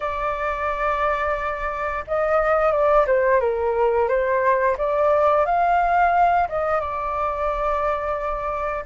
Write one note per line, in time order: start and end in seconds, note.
0.00 2.04 D5
2.07 2.71 D#5
2.71 3.06 D5
3.06 3.40 C5
3.40 4.08 A#4
4.08 4.76 C5
4.77 5.45 D5
5.45 6.47 F5
6.48 6.80 D#5
6.80 8.85 D5